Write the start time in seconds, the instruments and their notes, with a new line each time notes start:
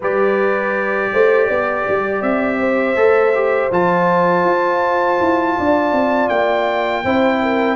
0.00 tuba G3, trombone G4, horn B4, trumpet D5
1.12 tuba A3, horn C5
1.46 tuba B3, horn D5
1.88 tuba G3
2.21 tuba C4, trumpet E5
2.59 horn C5
2.95 tuba A3, trombone A4
3.34 trombone G4
3.71 tuba F3, trombone F4, trumpet A5
4.44 tuba F4
5.20 tuba E4
5.57 tuba D4, horn D5
5.92 tuba C4
6.28 tuba A#3, trumpet G5
7.04 tuba C4, trombone E4, horn C5
7.42 horn A#4